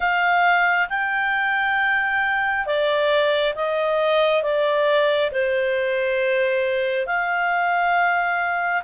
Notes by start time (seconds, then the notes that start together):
0.00 F5
0.89 G5
2.66 D5
3.55 D#5
4.42 D5
5.31 C5
7.06 F5